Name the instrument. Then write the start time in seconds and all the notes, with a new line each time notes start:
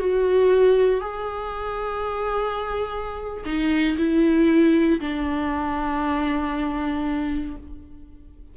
viola
0.00 F#4
1.01 G#4
3.46 D#4
3.98 E4
5.00 D4